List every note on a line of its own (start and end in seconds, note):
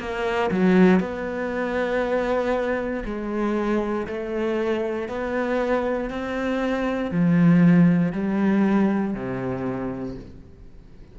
0.00 0.51 A#3
0.51 1.00 F#3
1.00 3.04 B3
3.06 4.07 G#3
4.07 5.08 A3
5.08 6.10 B3
6.10 7.12 C4
7.12 8.13 F3
8.13 9.14 G3
9.14 10.16 C3